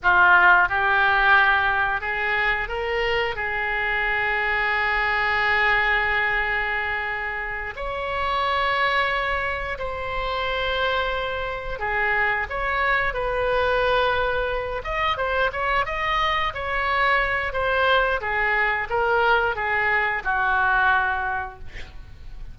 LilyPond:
\new Staff \with { instrumentName = "oboe" } { \time 4/4 \tempo 4 = 89 f'4 g'2 gis'4 | ais'4 gis'2.~ | gis'2.~ gis'8 cis''8~ | cis''2~ cis''8 c''4.~ |
c''4. gis'4 cis''4 b'8~ | b'2 dis''8 c''8 cis''8 dis''8~ | dis''8 cis''4. c''4 gis'4 | ais'4 gis'4 fis'2 | }